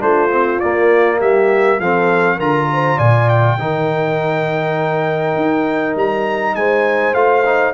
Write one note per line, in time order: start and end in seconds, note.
0.00 0.61 A3
0.00 0.30 D4
0.00 1.19 F4
0.00 0.60 C5
0.32 0.62 C4
0.60 1.81 A#3
0.60 1.22 A#3
0.60 1.19 D5
1.19 1.80 G3
1.19 1.79 G4
1.19 1.80 E5
1.79 2.39 F3
1.79 2.40 C4
1.79 2.37 A4
1.79 2.40 F5
2.37 2.99 D3
2.37 3.59 F4
2.37 2.67 A#4
2.37 2.99 A#5
2.73 2.97 C5
2.97 3.58 A#2
2.97 3.57 D5
2.97 3.29 G#5
3.29 5.97 G5
3.59 5.36 D#3
3.59 7.15 D#4
3.59 6.57 A#4
5.36 5.96 D#4
5.96 6.55 G3
5.96 6.55 A#5
6.55 7.14 G#3
6.55 7.74 C5
6.55 7.14 G#5
7.14 7.73 A3
7.14 7.44 F4
7.14 7.74 F5
7.45 7.74 D#4